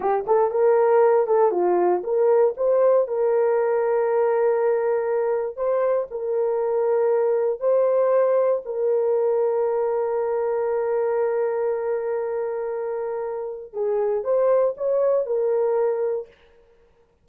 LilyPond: \new Staff \with { instrumentName = "horn" } { \time 4/4 \tempo 4 = 118 g'8 a'8 ais'4. a'8 f'4 | ais'4 c''4 ais'2~ | ais'2. c''4 | ais'2. c''4~ |
c''4 ais'2.~ | ais'1~ | ais'2. gis'4 | c''4 cis''4 ais'2 | }